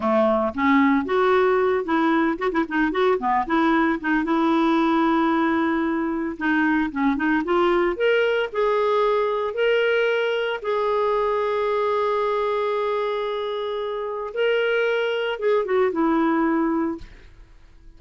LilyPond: \new Staff \with { instrumentName = "clarinet" } { \time 4/4 \tempo 4 = 113 a4 cis'4 fis'4. e'8~ | e'8 fis'16 e'16 dis'8 fis'8 b8 e'4 dis'8 | e'1 | dis'4 cis'8 dis'8 f'4 ais'4 |
gis'2 ais'2 | gis'1~ | gis'2. ais'4~ | ais'4 gis'8 fis'8 e'2 | }